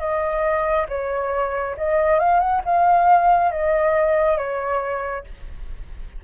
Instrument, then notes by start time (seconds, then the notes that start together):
flute
0.00 D#5
0.89 C#5
1.77 D#5
2.20 F5
2.40 F#5
2.66 F5
3.52 D#5
4.38 C#5